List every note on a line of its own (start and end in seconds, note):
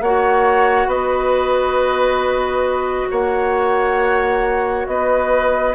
0.00 0.86 A#3
0.00 5.74 F#4
0.00 0.88 C#5
0.00 0.90 F#5
0.86 3.07 B3
0.86 3.08 B4
0.86 3.10 D#5
3.10 4.87 A#3
3.10 4.87 C#5
3.10 4.87 F#5
4.87 5.74 B3
4.87 5.74 B4
4.87 5.74 D#5